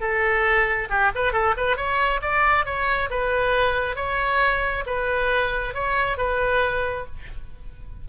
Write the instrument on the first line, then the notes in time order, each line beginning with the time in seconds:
oboe
0.00 A4
0.89 G4
1.15 B4
1.32 A4
1.57 B4
1.76 C#5
2.22 D5
2.65 C#5
3.10 B4
3.96 C#5
4.86 B4
5.74 C#5
6.17 B4